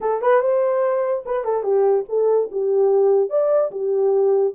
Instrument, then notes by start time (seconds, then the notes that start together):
horn
0.00 A4
0.21 B4
0.41 C5
1.25 B4
1.44 A4
1.63 G4
2.08 A4
2.51 G4
3.29 D5
3.71 G4